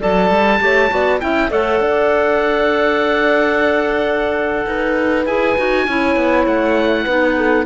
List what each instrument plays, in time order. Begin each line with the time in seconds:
0.00 cello F#3, clarinet A4, horn D5, oboe A5
0.30 cello G3
0.60 cello A3, clarinet G4, horn C#5
0.89 cello B3, clarinet F#4, horn D5
1.20 cello C#4, clarinet E4, horn E5, oboe G5
1.49 cello A3, clarinet A4, horn C#5, oboe F#5
1.80 cello D4, horn D5
4.66 cello D#4, horn B4
5.25 cello E4, clarinet G#4, oboe G#5
5.57 cello D#4, clarinet F#4
5.87 cello C#4, clarinet E4, horn C#5
6.16 cello B3
6.46 cello A3, oboe F#5
7.04 cello B3, clarinet D#4, horn B4
7.36 horn A4